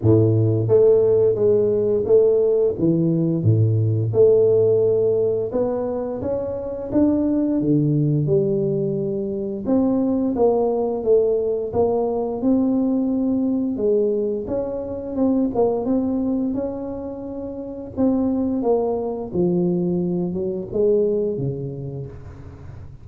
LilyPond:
\new Staff \with { instrumentName = "tuba" } { \time 4/4 \tempo 4 = 87 a,4 a4 gis4 a4 | e4 a,4 a2 | b4 cis'4 d'4 d4 | g2 c'4 ais4 |
a4 ais4 c'2 | gis4 cis'4 c'8 ais8 c'4 | cis'2 c'4 ais4 | f4. fis8 gis4 cis4 | }